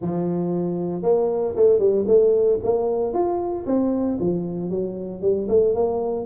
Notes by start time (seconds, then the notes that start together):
0.01 F3
1.02 A#3
1.56 A3
1.79 G3
2.07 A3
2.63 A#3
3.13 F4
3.66 C4
4.20 F3
4.70 F#3
5.21 G3
5.48 A3
5.74 A#3